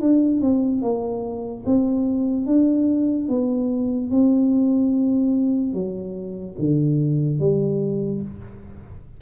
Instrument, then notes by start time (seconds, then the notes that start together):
tuba
0.00 D4
0.41 C4
0.81 A#3
1.66 C4
2.46 D4
3.28 B3
4.10 C4
5.73 F#3
6.58 D3
7.39 G3